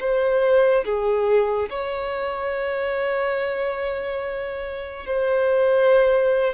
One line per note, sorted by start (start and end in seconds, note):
0.00 0.85 C5
0.85 1.69 G#4
1.69 5.06 C#5
5.06 6.53 C5